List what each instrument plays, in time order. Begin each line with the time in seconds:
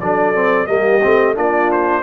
0.00 tuba F#3, trombone D4, horn A4, trumpet D5
0.35 trombone C4
0.66 tuba G3, trombone A#3, horn G4, trumpet D#5
1.02 tuba A3, trombone C4
1.35 tuba A#3, trombone D4, horn F4, trumpet D5
1.71 trumpet C5